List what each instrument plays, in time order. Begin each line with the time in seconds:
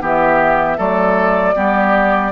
0.00 bassoon E3, clarinet B3, oboe G4, flute E5
0.77 bassoon F#3, clarinet A3, oboe A4, flute D5
1.55 bassoon G3, clarinet B3, oboe G4